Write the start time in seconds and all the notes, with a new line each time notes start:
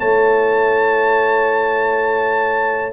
0.00 A3 E4 C#5 A5